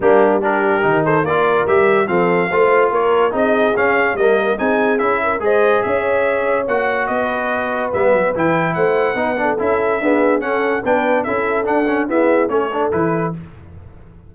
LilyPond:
<<
  \new Staff \with { instrumentName = "trumpet" } { \time 4/4 \tempo 4 = 144 g'4 ais'4. c''8 d''4 | e''4 f''2 cis''4 | dis''4 f''4 dis''4 gis''4 | e''4 dis''4 e''2 |
fis''4 dis''2 e''4 | g''4 fis''2 e''4~ | e''4 fis''4 g''4 e''4 | fis''4 e''4 cis''4 b'4 | }
  \new Staff \with { instrumentName = "horn" } { \time 4/4 d'4 g'4. a'8 ais'4~ | ais'4 a'4 c''4 ais'4 | gis'2 ais'4 gis'4~ | gis'8 ais'8 c''4 cis''2~ |
cis''4 b'2.~ | b'4 c''4 b'8 a'4. | gis'4 a'4 b'4 a'4~ | a'4 gis'4 a'2 | }
  \new Staff \with { instrumentName = "trombone" } { \time 4/4 ais4 d'4 dis'4 f'4 | g'4 c'4 f'2 | dis'4 cis'4 ais4 dis'4 | e'4 gis'2. |
fis'2. b4 | e'2 dis'8 d'8 e'4 | b4 cis'4 d'4 e'4 | d'8 cis'8 b4 cis'8 d'8 e'4 | }
  \new Staff \with { instrumentName = "tuba" } { \time 4/4 g2 dis4 ais4 | g4 f4 a4 ais4 | c'4 cis'4 g4 c'4 | cis'4 gis4 cis'2 |
ais4 b2 g8 fis8 | e4 a4 b4 cis'4 | d'4 cis'4 b4 cis'4 | d'4 e'4 a4 e4 | }
>>